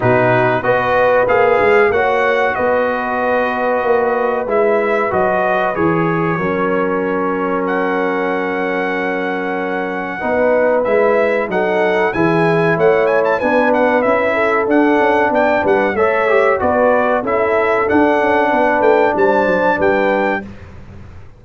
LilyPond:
<<
  \new Staff \with { instrumentName = "trumpet" } { \time 4/4 \tempo 4 = 94 b'4 dis''4 f''4 fis''4 | dis''2. e''4 | dis''4 cis''2. | fis''1~ |
fis''4 e''4 fis''4 gis''4 | fis''8 gis''16 a''16 gis''8 fis''8 e''4 fis''4 | g''8 fis''8 e''4 d''4 e''4 | fis''4. g''8 a''4 g''4 | }
  \new Staff \with { instrumentName = "horn" } { \time 4/4 fis'4 b'2 cis''4 | b'1~ | b'2 ais'2~ | ais'1 |
b'2 a'4 gis'4 | cis''4 b'4. a'4. | d''8 b'8 cis''4 b'4 a'4~ | a'4 b'4 c''4 b'4 | }
  \new Staff \with { instrumentName = "trombone" } { \time 4/4 dis'4 fis'4 gis'4 fis'4~ | fis'2. e'4 | fis'4 gis'4 cis'2~ | cis'1 |
dis'4 e'4 dis'4 e'4~ | e'4 d'4 e'4 d'4~ | d'4 a'8 g'8 fis'4 e'4 | d'1 | }
  \new Staff \with { instrumentName = "tuba" } { \time 4/4 b,4 b4 ais8 gis8 ais4 | b2 ais4 gis4 | fis4 e4 fis2~ | fis1 |
b4 gis4 fis4 e4 | a4 b4 cis'4 d'8 cis'8 | b8 g8 a4 b4 cis'4 | d'8 cis'8 b8 a8 g8 fis8 g4 | }
>>